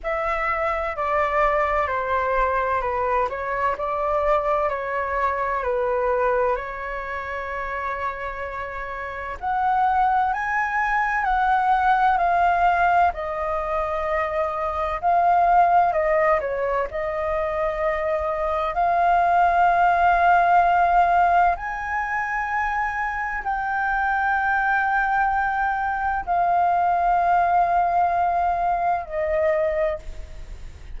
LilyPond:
\new Staff \with { instrumentName = "flute" } { \time 4/4 \tempo 4 = 64 e''4 d''4 c''4 b'8 cis''8 | d''4 cis''4 b'4 cis''4~ | cis''2 fis''4 gis''4 | fis''4 f''4 dis''2 |
f''4 dis''8 cis''8 dis''2 | f''2. gis''4~ | gis''4 g''2. | f''2. dis''4 | }